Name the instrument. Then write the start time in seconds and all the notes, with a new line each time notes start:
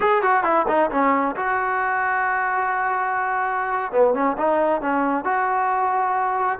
trombone
0.00 G#4
0.22 F#4
0.43 E4
0.68 D#4
0.90 C#4
1.36 F#4
3.92 B3
4.13 C#4
4.37 D#4
4.81 C#4
5.24 F#4